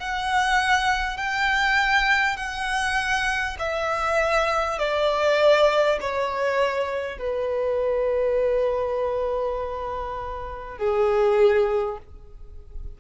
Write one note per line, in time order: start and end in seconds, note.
0.00 1.18 F#5
1.18 2.37 G5
2.37 3.57 F#5
3.59 4.79 E5
4.79 5.99 D5
6.01 7.19 C#5
7.19 10.78 B4
10.78 11.98 G#4